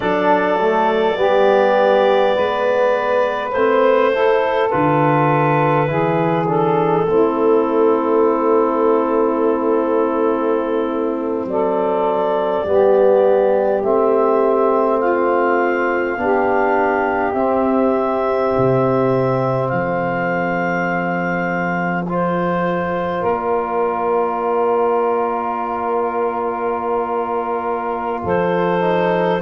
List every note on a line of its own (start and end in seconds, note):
0.00 1.15 F#3
0.00 0.59 D4
0.00 1.17 A4
0.00 3.50 D5
0.60 1.15 A3
1.15 2.33 G3
1.15 3.50 B3
1.15 2.35 G4
2.35 3.53 G#3
2.35 4.11 B4
3.51 4.71 A3
3.51 4.15 C4
3.51 4.69 C5
4.12 4.70 E4
4.12 5.88 A4
4.69 5.88 D3
4.69 5.86 F4
4.69 6.46 B4
5.86 7.06 E3
5.86 6.45 E4
5.86 7.06 G#4
6.47 7.06 D4
6.47 11.48 A4
7.07 11.45 A3
7.07 12.65 C4
7.07 11.48 E4
11.45 12.62 F#3
11.45 12.66 A4
11.45 13.83 D5
12.64 13.82 G3
12.64 13.83 B3
12.64 14.99 G4
13.83 16.17 A3
13.83 16.17 C4
13.83 14.99 E5
14.99 16.16 F4
14.99 17.32 F5
16.17 17.33 B3
16.17 17.35 D4
16.17 19.70 G4
17.32 18.51 C4
17.32 22.06 C4
17.32 19.68 E5
18.57 19.72 C3
19.68 23.23 F3
19.68 23.20 A4
19.68 22.03 F5
22.08 28.80 F4
22.08 23.26 C5
23.20 28.23 A#3
23.20 28.20 A#4
23.26 28.26 D5
28.23 29.41 F3
28.23 29.40 A4
28.23 29.41 C5
28.80 29.39 D#4